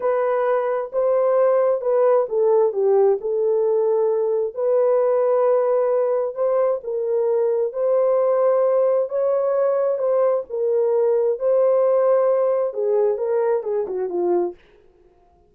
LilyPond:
\new Staff \with { instrumentName = "horn" } { \time 4/4 \tempo 4 = 132 b'2 c''2 | b'4 a'4 g'4 a'4~ | a'2 b'2~ | b'2 c''4 ais'4~ |
ais'4 c''2. | cis''2 c''4 ais'4~ | ais'4 c''2. | gis'4 ais'4 gis'8 fis'8 f'4 | }